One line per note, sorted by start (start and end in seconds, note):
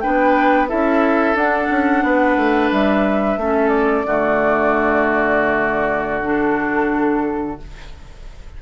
0.00 0.72 B3
0.00 0.68 D4
0.00 0.69 B4
0.00 0.67 G5
0.68 1.35 C#4
0.68 1.35 E4
0.68 2.04 A4
0.68 1.36 E5
1.35 1.68 D4
1.35 3.39 D4
1.35 2.72 F#5
1.70 2.03 C#4
2.03 2.36 B3
2.03 3.39 B4
2.36 2.70 A3
2.71 3.37 G3
2.71 3.68 E5
3.37 4.04 A3
3.37 4.06 C#4
3.37 4.06 A4
3.68 6.21 D5
4.05 7.59 D3
4.05 6.22 A3
4.05 7.60 F#4
6.22 7.57 D4
6.22 7.62 A4